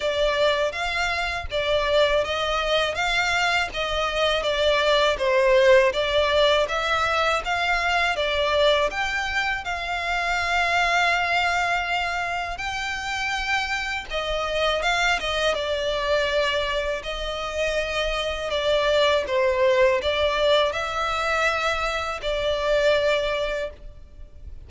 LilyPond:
\new Staff \with { instrumentName = "violin" } { \time 4/4 \tempo 4 = 81 d''4 f''4 d''4 dis''4 | f''4 dis''4 d''4 c''4 | d''4 e''4 f''4 d''4 | g''4 f''2.~ |
f''4 g''2 dis''4 | f''8 dis''8 d''2 dis''4~ | dis''4 d''4 c''4 d''4 | e''2 d''2 | }